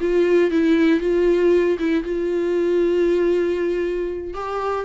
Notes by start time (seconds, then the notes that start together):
0.00 F4
0.50 E4
1.00 F4
1.78 E4
2.03 F4
4.34 G4